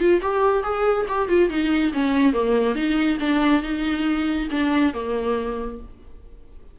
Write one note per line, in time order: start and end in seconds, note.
0.00 0.21 F4
0.22 0.64 G4
0.64 1.07 G#4
1.09 1.29 G4
1.29 1.50 F4
1.50 1.93 D#4
1.94 2.34 C#4
2.34 2.76 A#3
2.76 3.19 D#4
3.20 3.63 D4
3.63 4.49 D#4
4.51 4.94 D4
4.94 5.80 A#3